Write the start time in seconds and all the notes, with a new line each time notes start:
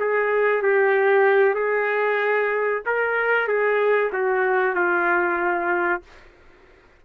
0.00 G#4
0.62 G4
1.55 G#4
2.86 A#4
3.48 G#4
4.13 F#4
4.75 F4